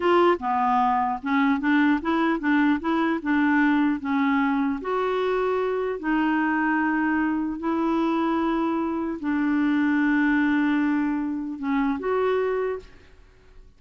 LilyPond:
\new Staff \with { instrumentName = "clarinet" } { \time 4/4 \tempo 4 = 150 f'4 b2 cis'4 | d'4 e'4 d'4 e'4 | d'2 cis'2 | fis'2. dis'4~ |
dis'2. e'4~ | e'2. d'4~ | d'1~ | d'4 cis'4 fis'2 | }